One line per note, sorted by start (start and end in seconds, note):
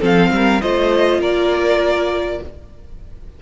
0.00 0.31 F3
0.00 0.60 C4
0.00 0.30 A4
0.00 0.61 F5
0.31 0.61 G3
0.31 0.61 A#4
0.61 1.19 A3
0.61 2.42 F4
0.61 1.20 C5
0.61 1.21 D#5
1.19 2.39 A#3
1.19 2.40 A#4
1.19 2.42 D5